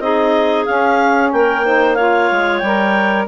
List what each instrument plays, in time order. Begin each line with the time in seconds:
0.00 bassoon C4, saxophone D#4, clarinet G#4 D#5
0.66 saxophone C#4, bassoon C#4, clarinet F5
1.32 bassoon A#3, clarinet A#4 G5
1.65 saxophone D#4, clarinet C5
1.94 saxophone F4, clarinet C#5 F5
2.32 bassoon G#3
2.58 bassoon G3, clarinet G5
2.66 saxophone A#4